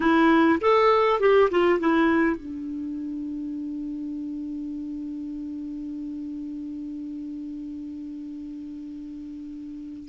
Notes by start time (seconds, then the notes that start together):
0.00 E4
0.60 A4
1.19 G4
1.50 F4
1.79 E4
2.36 D4